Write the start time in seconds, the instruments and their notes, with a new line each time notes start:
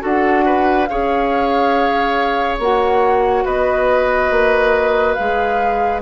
0.00 bassoon D4, clarinet F#4, oboe A4, flute F#5
0.46 oboe B4
0.86 bassoon C#4, clarinet G#4, oboe C#5, flute F5
2.59 bassoon A#3, clarinet F#4, flute F#5
3.45 bassoon B3, oboe B4, flute D#5
4.31 bassoon A#3
5.14 bassoon G#3, clarinet G#4, flute F5